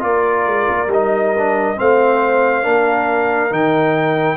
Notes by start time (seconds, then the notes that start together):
0.00 A#3 F4 A#4 D5
0.47 G#3
0.69 A#3
0.87 G3 D#4 D#5
1.38 D4
1.76 A3 C4 C5 F5
2.63 A#3 D4 A#4
3.51 D#3 D#4 G5